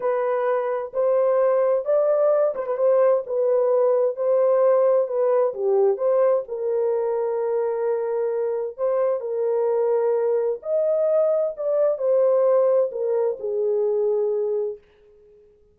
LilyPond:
\new Staff \with { instrumentName = "horn" } { \time 4/4 \tempo 4 = 130 b'2 c''2 | d''4. c''16 b'16 c''4 b'4~ | b'4 c''2 b'4 | g'4 c''4 ais'2~ |
ais'2. c''4 | ais'2. dis''4~ | dis''4 d''4 c''2 | ais'4 gis'2. | }